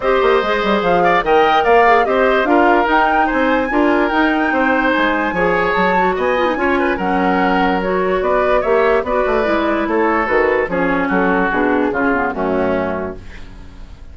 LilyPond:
<<
  \new Staff \with { instrumentName = "flute" } { \time 4/4 \tempo 4 = 146 dis''2 f''4 g''4 | f''4 dis''4 f''4 g''4 | gis''2 g''2 | gis''2 a''4 gis''4~ |
gis''4 fis''2 cis''4 | d''4 e''4 d''2 | cis''4 b'4 cis''4 a'4 | gis'2 fis'2 | }
  \new Staff \with { instrumentName = "oboe" } { \time 4/4 c''2~ c''8 d''8 dis''4 | d''4 c''4 ais'2 | c''4 ais'2 c''4~ | c''4 cis''2 dis''4 |
cis''8 b'8 ais'2. | b'4 cis''4 b'2 | a'2 gis'4 fis'4~ | fis'4 f'4 cis'2 | }
  \new Staff \with { instrumentName = "clarinet" } { \time 4/4 g'4 gis'2 ais'4~ | ais'8 gis'8 g'4 f'4 dis'4~ | dis'4 f'4 dis'2~ | dis'4 gis'4. fis'4 f'16 dis'16 |
f'4 cis'2 fis'4~ | fis'4 g'4 fis'4 e'4~ | e'4 fis'4 cis'2 | d'4 cis'8 b8 a2 | }
  \new Staff \with { instrumentName = "bassoon" } { \time 4/4 c'8 ais8 gis8 g8 f4 dis4 | ais4 c'4 d'4 dis'4 | c'4 d'4 dis'4 c'4 | gis4 f4 fis4 b4 |
cis'4 fis2. | b4 ais4 b8 a8 gis4 | a4 dis4 f4 fis4 | b,4 cis4 fis,2 | }
>>